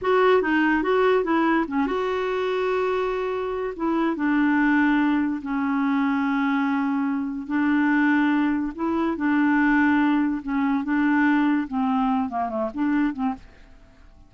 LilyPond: \new Staff \with { instrumentName = "clarinet" } { \time 4/4 \tempo 4 = 144 fis'4 dis'4 fis'4 e'4 | cis'8 fis'2.~ fis'8~ | fis'4 e'4 d'2~ | d'4 cis'2.~ |
cis'2 d'2~ | d'4 e'4 d'2~ | d'4 cis'4 d'2 | c'4. ais8 a8 d'4 c'8 | }